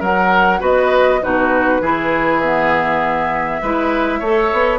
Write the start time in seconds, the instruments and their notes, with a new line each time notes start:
0.00 bassoon F#3, oboe A#4, clarinet A#4, flute F#5
0.60 bassoon B3, clarinet F#4, oboe B4, flute D#5
1.22 bassoon B2, clarinet D#4, oboe F#4, flute B4
1.81 bassoon E3, clarinet E4, oboe G#4
2.40 clarinet B3, flute E5
3.62 bassoon G#3, clarinet E4, oboe B4
4.20 bassoon A3, clarinet A4, oboe C#5
4.53 bassoon B3